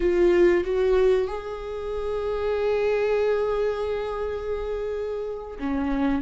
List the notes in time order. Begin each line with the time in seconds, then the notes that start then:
0.00 F4
0.64 F#4
1.27 G#4
5.59 C#4